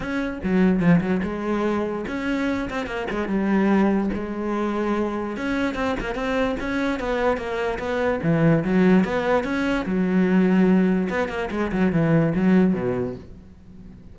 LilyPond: \new Staff \with { instrumentName = "cello" } { \time 4/4 \tempo 4 = 146 cis'4 fis4 f8 fis8 gis4~ | gis4 cis'4. c'8 ais8 gis8 | g2 gis2~ | gis4 cis'4 c'8 ais8 c'4 |
cis'4 b4 ais4 b4 | e4 fis4 b4 cis'4 | fis2. b8 ais8 | gis8 fis8 e4 fis4 b,4 | }